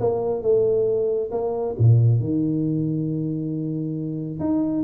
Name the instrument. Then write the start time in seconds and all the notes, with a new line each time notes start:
tuba
0.00 A#3
0.42 A3
1.31 A#3
1.78 A#2
2.20 D#3
4.40 D#4